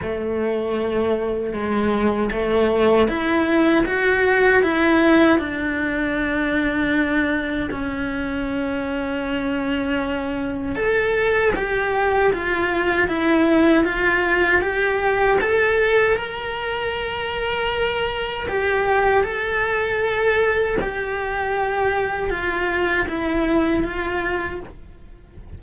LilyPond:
\new Staff \with { instrumentName = "cello" } { \time 4/4 \tempo 4 = 78 a2 gis4 a4 | e'4 fis'4 e'4 d'4~ | d'2 cis'2~ | cis'2 a'4 g'4 |
f'4 e'4 f'4 g'4 | a'4 ais'2. | g'4 a'2 g'4~ | g'4 f'4 e'4 f'4 | }